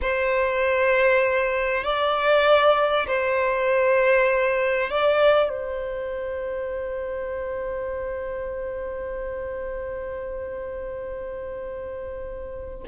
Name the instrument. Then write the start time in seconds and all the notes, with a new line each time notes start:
violin
0.01 C5
1.84 D5
3.07 C5
4.90 D5
5.49 C5